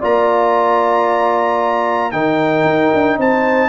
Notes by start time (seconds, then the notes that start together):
0.00 A#3 F4 D5 A#5
2.12 D#3 D#4 A#4 G5
2.64 D#4
2.94 D4
3.18 C4 C5 A5